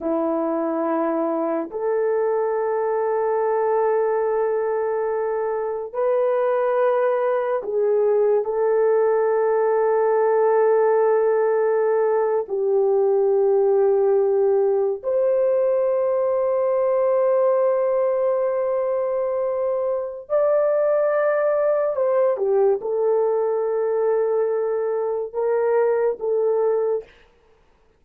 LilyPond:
\new Staff \with { instrumentName = "horn" } { \time 4/4 \tempo 4 = 71 e'2 a'2~ | a'2. b'4~ | b'4 gis'4 a'2~ | a'2~ a'8. g'4~ g'16~ |
g'4.~ g'16 c''2~ c''16~ | c''1 | d''2 c''8 g'8 a'4~ | a'2 ais'4 a'4 | }